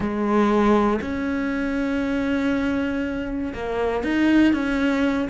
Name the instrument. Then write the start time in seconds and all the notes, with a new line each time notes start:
cello
0.00 G#3
1.01 C#4
3.53 A#3
4.03 D#4
4.53 C#4